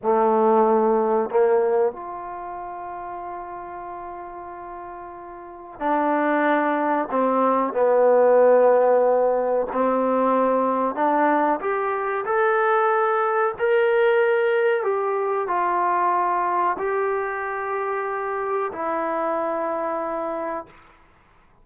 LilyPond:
\new Staff \with { instrumentName = "trombone" } { \time 4/4 \tempo 4 = 93 a2 ais4 f'4~ | f'1~ | f'4 d'2 c'4 | b2. c'4~ |
c'4 d'4 g'4 a'4~ | a'4 ais'2 g'4 | f'2 g'2~ | g'4 e'2. | }